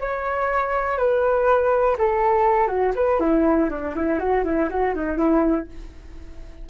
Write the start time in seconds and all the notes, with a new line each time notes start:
0.00 C#5
0.97 B4
1.98 A4
2.67 F#4
2.95 B4
3.20 E4
3.70 D4
3.95 E4
4.19 F#4
4.44 E4
4.69 F#4
4.94 D#4
5.17 E4